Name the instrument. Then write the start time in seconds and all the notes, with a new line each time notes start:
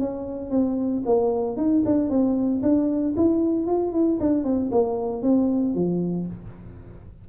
tuba
0.00 C#4
0.51 C4
1.06 A#3
1.57 D#4
1.86 D4
2.10 C4
2.63 D4
3.17 E4
3.67 F4
3.93 E4
4.20 D4
4.45 C4
4.72 A#3
5.23 C4
5.75 F3